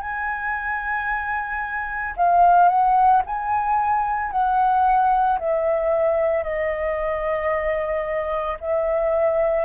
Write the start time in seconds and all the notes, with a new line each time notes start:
0.00 G#5
2.16 F5
2.68 F#5
3.26 G#5
4.31 F#5
5.39 E5
6.43 D#5
8.61 E5